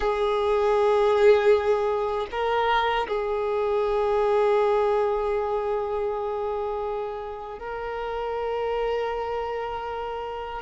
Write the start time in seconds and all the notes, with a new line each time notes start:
0.00 G#4
2.31 A#4
3.07 G#4
7.58 A#4